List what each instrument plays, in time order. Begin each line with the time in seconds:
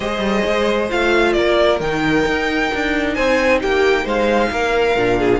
0.00 cello G#3, viola G#4, violin C5 D#5
0.19 cello G3
0.46 cello G#3
0.89 cello A3, viola F4, violin F5
1.32 cello A#3, violin A#4 D5
1.80 cello D#3, viola D#4, violin G5
2.26 cello D#4
2.74 cello D4
3.13 cello C4, violin C5 G#5
3.61 cello A#3, violin G4 G5
4.04 cello G#3, violin C5 F5
4.50 cello A#3, violin A#4
4.95 cello A#2, viola D4
5.19 violin G#4